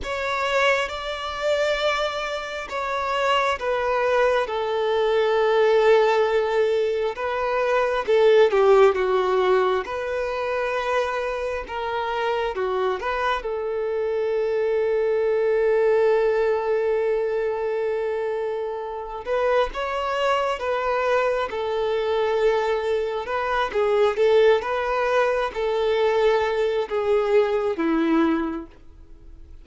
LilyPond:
\new Staff \with { instrumentName = "violin" } { \time 4/4 \tempo 4 = 67 cis''4 d''2 cis''4 | b'4 a'2. | b'4 a'8 g'8 fis'4 b'4~ | b'4 ais'4 fis'8 b'8 a'4~ |
a'1~ | a'4. b'8 cis''4 b'4 | a'2 b'8 gis'8 a'8 b'8~ | b'8 a'4. gis'4 e'4 | }